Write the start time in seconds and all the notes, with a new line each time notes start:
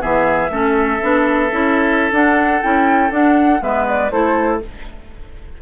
0.00 E3 B3 G#4 E5
0.50 A3 C#4 A4
1.01 B3 D4
1.51 C#4 E4
2.11 D4 F#5
2.61 C#4 E4 G5
3.10 D4 F#5
3.61 G#3 B3 B4 E5
3.87 D5
4.10 A3 E4 A4 C5